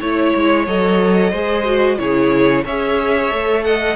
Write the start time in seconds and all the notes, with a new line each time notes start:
0.00 A3 E4 C#5
0.35 G#3
0.67 F#3 A4 D#5
1.31 G#3 G#4 C5
1.65 F#4
1.98 C#3 E4 G#4 C#5
2.65 C#4 G#4 C#5 E5
3.30 A3 A4
3.64 D#5 F#5